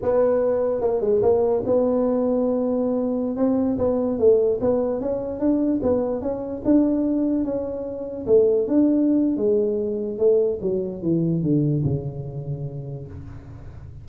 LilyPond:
\new Staff \with { instrumentName = "tuba" } { \time 4/4 \tempo 4 = 147 b2 ais8 gis8 ais4 | b1~ | b16 c'4 b4 a4 b8.~ | b16 cis'4 d'4 b4 cis'8.~ |
cis'16 d'2 cis'4.~ cis'16~ | cis'16 a4 d'4.~ d'16 gis4~ | gis4 a4 fis4 e4 | d4 cis2. | }